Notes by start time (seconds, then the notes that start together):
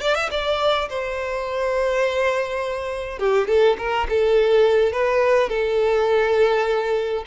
0.00 D5
0.15 E5
0.30 D5
0.89 C5
3.19 G4
3.47 A4
3.78 A#4
4.09 A4
4.92 B4
5.49 A4